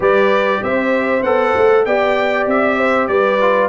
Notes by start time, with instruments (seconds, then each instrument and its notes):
0.00 tuba G3, trombone G4, horn B4, trumpet D5
0.62 tuba C4, horn C5, trumpet E5
1.22 tuba B3, trombone A4, trumpet F#5
1.56 tuba A3
1.85 tuba B3, trombone G4, horn D5, trumpet G5
2.46 tuba C4, trumpet E5
2.78 horn C5
3.07 tuba G3, horn B4, trumpet D5
3.40 trombone F4